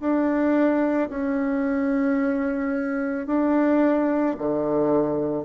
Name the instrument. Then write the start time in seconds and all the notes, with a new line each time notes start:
bassoon
0.00 D4
1.09 C#4
3.27 D4
4.38 D3